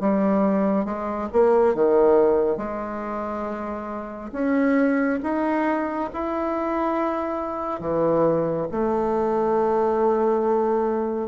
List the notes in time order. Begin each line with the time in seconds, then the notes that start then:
0.00 G3
0.85 G#3
1.32 A#3
1.74 D#3
2.57 G#3
4.32 C#4
5.23 D#4
6.13 E4
7.80 E3
8.71 A3